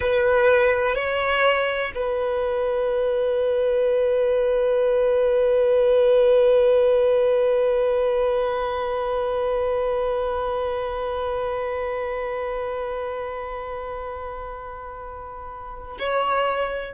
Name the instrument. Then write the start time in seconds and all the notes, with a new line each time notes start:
violin
0.00 B4
0.95 C#5
1.94 B4
15.98 C#5